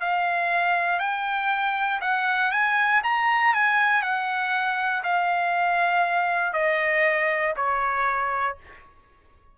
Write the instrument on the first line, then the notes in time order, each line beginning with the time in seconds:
trumpet
0.00 F5
0.99 G5
2.01 F#5
2.51 G#5
3.03 A#5
3.54 G#5
4.02 F#5
5.03 F5
6.53 D#5
7.56 C#5